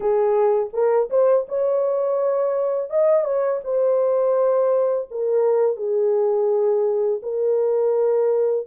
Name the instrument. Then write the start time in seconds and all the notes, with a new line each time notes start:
horn
0.00 G#4
0.73 A#4
1.10 C5
1.48 C#5
2.89 D#5
3.24 C#5
3.63 C5
5.11 A#4
5.76 G#4
7.22 A#4